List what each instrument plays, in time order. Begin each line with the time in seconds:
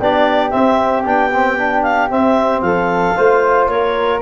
0.00 tuba B3, trombone D4, flute G4, clarinet D5
0.51 trombone C4, tuba C4, clarinet E5
1.05 tuba B3, trombone D4, clarinet G5
1.33 trombone C4
1.58 trombone D4
1.83 clarinet F5
2.10 trombone C4, tuba C4, clarinet E5
2.62 tuba F3, flute A4, clarinet F5
3.16 tuba A3, trombone F4, flute C5
3.68 tuba A#3, flute A#4, clarinet C#5